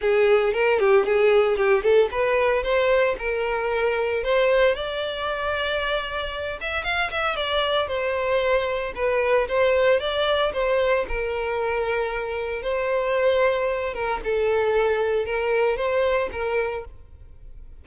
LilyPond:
\new Staff \with { instrumentName = "violin" } { \time 4/4 \tempo 4 = 114 gis'4 ais'8 g'8 gis'4 g'8 a'8 | b'4 c''4 ais'2 | c''4 d''2.~ | d''8 e''8 f''8 e''8 d''4 c''4~ |
c''4 b'4 c''4 d''4 | c''4 ais'2. | c''2~ c''8 ais'8 a'4~ | a'4 ais'4 c''4 ais'4 | }